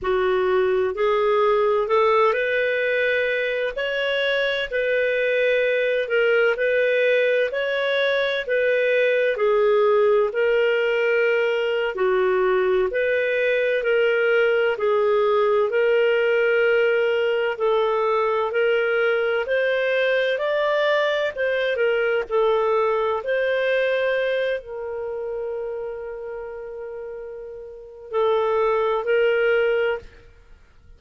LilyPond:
\new Staff \with { instrumentName = "clarinet" } { \time 4/4 \tempo 4 = 64 fis'4 gis'4 a'8 b'4. | cis''4 b'4. ais'8 b'4 | cis''4 b'4 gis'4 ais'4~ | ais'8. fis'4 b'4 ais'4 gis'16~ |
gis'8. ais'2 a'4 ais'16~ | ais'8. c''4 d''4 c''8 ais'8 a'16~ | a'8. c''4. ais'4.~ ais'16~ | ais'2 a'4 ais'4 | }